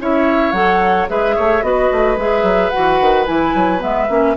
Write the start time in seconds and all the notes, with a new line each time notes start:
0.00 C#4 E4 C#5 E5
0.52 F#3 A4 F#5
1.08 G#3 G#4 B4 E5
1.35 A3 C#5
1.62 B3 F#4 B4 D#5
1.91 A3
2.17 G#3 G#4 E5
2.42 F#3
2.70 F#4 F#5
2.77 E3
3.01 D#3
3.25 E3 E4 G#5
3.55 F#3
3.79 G#3 B3 E5
4.09 A#3 C#4